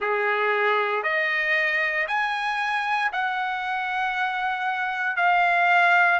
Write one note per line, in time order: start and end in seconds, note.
0.00 1.03 G#4
1.03 2.06 D#5
2.07 3.11 G#5
3.12 5.16 F#5
5.16 6.19 F5